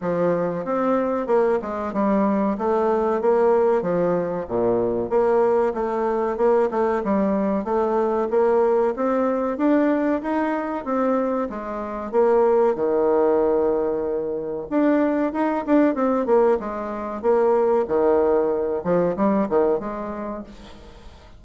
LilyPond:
\new Staff \with { instrumentName = "bassoon" } { \time 4/4 \tempo 4 = 94 f4 c'4 ais8 gis8 g4 | a4 ais4 f4 ais,4 | ais4 a4 ais8 a8 g4 | a4 ais4 c'4 d'4 |
dis'4 c'4 gis4 ais4 | dis2. d'4 | dis'8 d'8 c'8 ais8 gis4 ais4 | dis4. f8 g8 dis8 gis4 | }